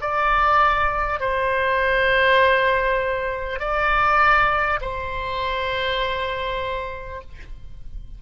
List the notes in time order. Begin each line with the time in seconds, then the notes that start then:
0.00 D5
1.20 C5
3.59 D5
4.81 C5